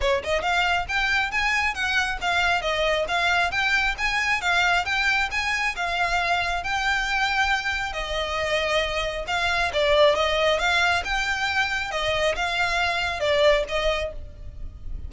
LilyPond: \new Staff \with { instrumentName = "violin" } { \time 4/4 \tempo 4 = 136 cis''8 dis''8 f''4 g''4 gis''4 | fis''4 f''4 dis''4 f''4 | g''4 gis''4 f''4 g''4 | gis''4 f''2 g''4~ |
g''2 dis''2~ | dis''4 f''4 d''4 dis''4 | f''4 g''2 dis''4 | f''2 d''4 dis''4 | }